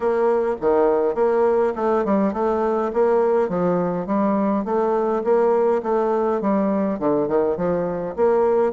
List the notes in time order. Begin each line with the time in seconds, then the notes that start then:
0.00 A#3
0.60 D#3
1.14 A#3
1.75 A3
2.04 G3
2.33 A3
2.93 A#3
3.48 F3
4.06 G3
4.64 A3
5.23 A#3
5.83 A3
6.41 G3
6.99 D3
7.28 D#3
7.56 F3
8.16 A#3